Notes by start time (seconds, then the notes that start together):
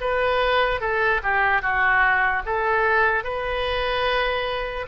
0.00 B4
0.80 A4
1.22 G4
1.61 F#4
2.45 A4
3.24 B4